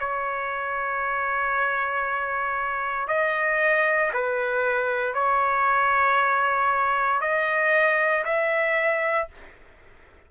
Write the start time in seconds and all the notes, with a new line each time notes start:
0.00 C#5
3.08 D#5
4.14 B4
5.14 C#5
7.21 D#5
8.25 E5